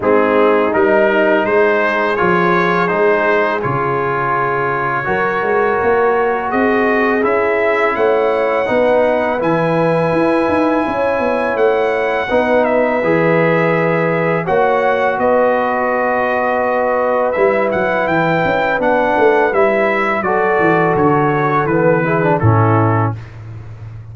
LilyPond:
<<
  \new Staff \with { instrumentName = "trumpet" } { \time 4/4 \tempo 4 = 83 gis'4 ais'4 c''4 cis''4 | c''4 cis''2.~ | cis''4 dis''4 e''4 fis''4~ | fis''4 gis''2. |
fis''4. e''2~ e''8 | fis''4 dis''2. | e''8 fis''8 g''4 fis''4 e''4 | d''4 cis''4 b'4 a'4 | }
  \new Staff \with { instrumentName = "horn" } { \time 4/4 dis'2 gis'2~ | gis'2. ais'4~ | ais'4 gis'2 cis''4 | b'2. cis''4~ |
cis''4 b'2. | cis''4 b'2.~ | b'1 | a'2~ a'8 gis'8 e'4 | }
  \new Staff \with { instrumentName = "trombone" } { \time 4/4 c'4 dis'2 f'4 | dis'4 f'2 fis'4~ | fis'2 e'2 | dis'4 e'2.~ |
e'4 dis'4 gis'2 | fis'1 | e'2 d'4 e'4 | fis'2 b8 e'16 d'16 cis'4 | }
  \new Staff \with { instrumentName = "tuba" } { \time 4/4 gis4 g4 gis4 f4 | gis4 cis2 fis8 gis8 | ais4 c'4 cis'4 a4 | b4 e4 e'8 dis'8 cis'8 b8 |
a4 b4 e2 | ais4 b2. | g8 fis8 e8 cis'8 b8 a8 g4 | fis8 e8 d4 e4 a,4 | }
>>